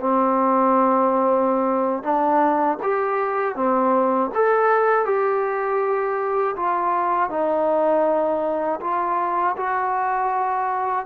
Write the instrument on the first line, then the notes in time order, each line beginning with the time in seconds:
trombone
0.00 C4
2.03 D4
2.82 G4
3.56 C4
4.35 A4
5.05 G4
6.56 F4
7.30 D#4
8.81 F4
9.57 F#4